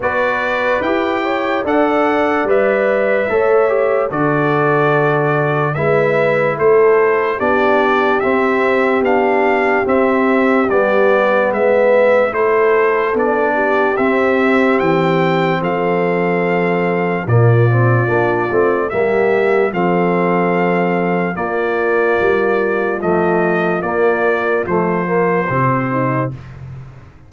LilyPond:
<<
  \new Staff \with { instrumentName = "trumpet" } { \time 4/4 \tempo 4 = 73 d''4 g''4 fis''4 e''4~ | e''4 d''2 e''4 | c''4 d''4 e''4 f''4 | e''4 d''4 e''4 c''4 |
d''4 e''4 g''4 f''4~ | f''4 d''2 e''4 | f''2 d''2 | dis''4 d''4 c''2 | }
  \new Staff \with { instrumentName = "horn" } { \time 4/4 b'4. cis''8 d''2 | cis''4 a'2 b'4 | a'4 g'2.~ | g'2 b'4 a'4~ |
a'8 g'2~ g'8 a'4~ | a'4 f'2 g'4 | a'2 f'2~ | f'2.~ f'8 dis'8 | }
  \new Staff \with { instrumentName = "trombone" } { \time 4/4 fis'4 g'4 a'4 b'4 | a'8 g'8 fis'2 e'4~ | e'4 d'4 c'4 d'4 | c'4 b2 e'4 |
d'4 c'2.~ | c'4 ais8 c'8 d'8 c'8 ais4 | c'2 ais2 | a4 ais4 a8 ais8 c'4 | }
  \new Staff \with { instrumentName = "tuba" } { \time 4/4 b4 e'4 d'4 g4 | a4 d2 gis4 | a4 b4 c'4 b4 | c'4 g4 gis4 a4 |
b4 c'4 e4 f4~ | f4 ais,4 ais8 a8 g4 | f2 ais4 g4 | f4 ais4 f4 c4 | }
>>